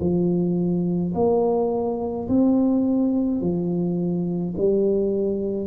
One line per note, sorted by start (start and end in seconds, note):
0.00 1.13 F3
1.14 2.27 A#3
2.28 3.41 C4
3.41 4.54 F3
4.57 5.67 G3